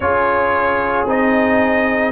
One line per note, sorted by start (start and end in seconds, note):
0.00 1.06 C#4
0.00 1.07 F4
0.00 2.11 G#4
0.00 1.06 C#5
1.06 2.11 C4
1.06 2.11 D#4
1.06 2.11 D#5